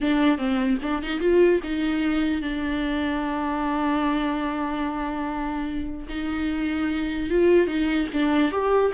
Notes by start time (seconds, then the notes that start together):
0.00 D4
0.38 C4
0.82 D4
1.02 D#4
1.20 F4
1.63 D#4
2.41 D4
6.08 D#4
7.30 F4
7.67 D#4
8.13 D4
8.51 G4